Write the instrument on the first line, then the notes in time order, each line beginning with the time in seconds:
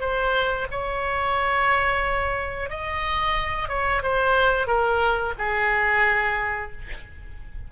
oboe
0.00 C5
0.71 C#5
2.69 D#5
3.68 C#5
4.02 C5
4.67 A#4
5.38 G#4